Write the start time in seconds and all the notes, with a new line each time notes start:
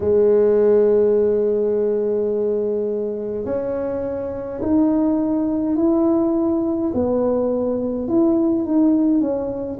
0.00 G#3
3.45 C#4
4.62 D#4
5.76 E4
6.94 B3
8.08 E4
8.65 D#4
9.20 C#4